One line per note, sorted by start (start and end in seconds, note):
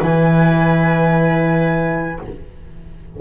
0.00 2.20 E3
0.00 2.18 E4
0.00 2.18 B4
0.00 2.22 G#5